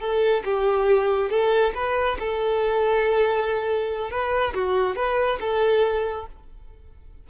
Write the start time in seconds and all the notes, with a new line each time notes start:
0.00 A4
0.45 G4
1.30 A4
1.74 B4
2.19 A4
4.10 B4
4.54 F#4
4.95 B4
5.40 A4